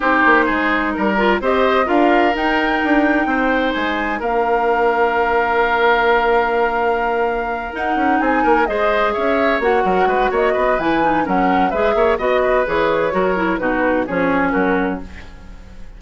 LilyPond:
<<
  \new Staff \with { instrumentName = "flute" } { \time 4/4 \tempo 4 = 128 c''2 ais'4 dis''4 | f''4 g''2. | gis''4 f''2.~ | f''1~ |
f''8 fis''4 gis''4 dis''4 e''8~ | e''8 fis''4. dis''4 gis''4 | fis''4 e''4 dis''4 cis''4~ | cis''4 b'4 cis''4 ais'4 | }
  \new Staff \with { instrumentName = "oboe" } { \time 4/4 g'4 gis'4 ais'4 c''4 | ais'2. c''4~ | c''4 ais'2.~ | ais'1~ |
ais'4. gis'8 ais'8 c''4 cis''8~ | cis''4 ais'8 b'8 cis''8 b'4. | ais'4 b'8 cis''8 dis''8 b'4. | ais'4 fis'4 gis'4 fis'4 | }
  \new Staff \with { instrumentName = "clarinet" } { \time 4/4 dis'2~ dis'8 f'8 g'4 | f'4 dis'2.~ | dis'4 d'2.~ | d'1~ |
d'8 dis'2 gis'4.~ | gis'8 fis'2~ fis'8 e'8 dis'8 | cis'4 gis'4 fis'4 gis'4 | fis'8 e'8 dis'4 cis'2 | }
  \new Staff \with { instrumentName = "bassoon" } { \time 4/4 c'8 ais8 gis4 g4 c'4 | d'4 dis'4 d'4 c'4 | gis4 ais2.~ | ais1~ |
ais8 dis'8 cis'8 c'8 ais8 gis4 cis'8~ | cis'8 ais8 fis8 gis8 ais8 b8 e4 | fis4 gis8 ais8 b4 e4 | fis4 b,4 f4 fis4 | }
>>